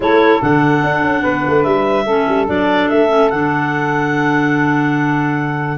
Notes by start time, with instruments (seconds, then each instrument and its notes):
0.00 tuba A3, clarinet E4 C#5, saxophone A4
0.40 tuba D3, clarinet D4 F#5
0.83 tuba D4
1.02 tuba C#4
1.21 tuba B3, saxophone B4
1.47 tuba A3
1.63 tuba G3, clarinet E5
2.05 tuba A3, clarinet C#4, saxophone A4
2.27 tuba G3
2.46 tuba F#3, clarinet D4 D5
2.89 tuba A3, clarinet E5
3.08 clarinet C#4
3.30 tuba D3, clarinet D4 F#5